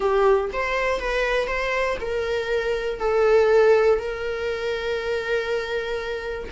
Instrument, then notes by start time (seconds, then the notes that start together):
viola
0.00 G4
0.53 C5
1.00 B4
1.47 C5
2.00 A#4
2.99 A4
3.99 A#4